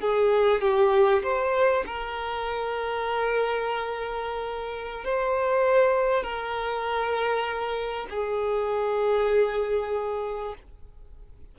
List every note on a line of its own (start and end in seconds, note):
0.00 0.61 G#4
0.61 1.22 G4
1.23 1.84 C5
1.86 5.04 A#4
5.04 6.23 C5
6.23 8.07 A#4
8.10 10.54 G#4